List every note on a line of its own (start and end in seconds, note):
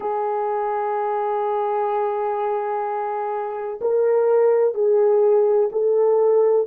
0.00 3.79 G#4
3.81 4.74 A#4
4.74 5.69 G#4
5.71 6.67 A4